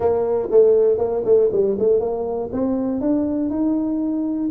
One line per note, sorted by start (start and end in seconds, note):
0.00 0.48 A#3
0.50 0.97 A3
0.97 1.22 A#3
1.25 1.50 A3
1.52 1.77 G3
1.78 2.00 A3
2.00 2.50 A#3
2.52 3.00 C4
3.00 3.50 D4
3.50 4.50 D#4